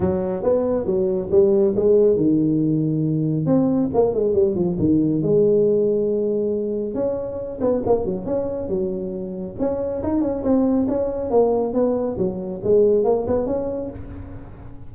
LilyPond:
\new Staff \with { instrumentName = "tuba" } { \time 4/4 \tempo 4 = 138 fis4 b4 fis4 g4 | gis4 dis2. | c'4 ais8 gis8 g8 f8 dis4 | gis1 |
cis'4. b8 ais8 fis8 cis'4 | fis2 cis'4 dis'8 cis'8 | c'4 cis'4 ais4 b4 | fis4 gis4 ais8 b8 cis'4 | }